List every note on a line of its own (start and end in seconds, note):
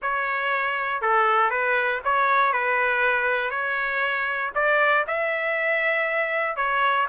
0.02 1.01 C#5
1.01 1.50 A4
1.50 2.00 B4
2.04 2.53 C#5
2.53 3.50 B4
3.50 4.51 C#5
4.54 5.05 D5
5.07 6.56 E5
6.56 7.07 C#5